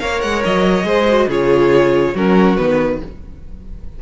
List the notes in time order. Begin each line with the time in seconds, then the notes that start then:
0.00 A#3 A#4 C#5 F5
0.21 G#3 F#5
0.45 F#3 D#5
0.84 G#3 G#4 C5
1.09 F#4
1.28 C#3 F4 G#4 C#5
2.14 F#3 C#4 F#4 A#4
2.57 D#3 B3 B4